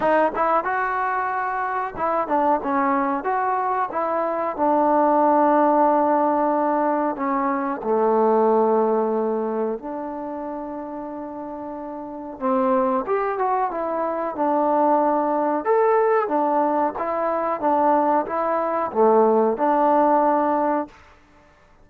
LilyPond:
\new Staff \with { instrumentName = "trombone" } { \time 4/4 \tempo 4 = 92 dis'8 e'8 fis'2 e'8 d'8 | cis'4 fis'4 e'4 d'4~ | d'2. cis'4 | a2. d'4~ |
d'2. c'4 | g'8 fis'8 e'4 d'2 | a'4 d'4 e'4 d'4 | e'4 a4 d'2 | }